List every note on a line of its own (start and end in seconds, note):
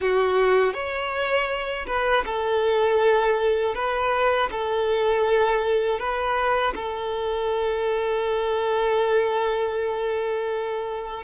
0.00 0.73 F#4
0.73 1.86 C#5
1.86 2.24 B4
2.25 3.74 A4
3.74 4.49 B4
4.51 5.99 A4
5.99 6.74 B4
6.75 11.23 A4